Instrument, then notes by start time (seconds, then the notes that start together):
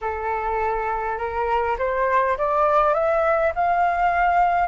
flute
0.01 A4
1.17 A#4
1.78 C5
2.37 D5
2.94 E5
3.55 F5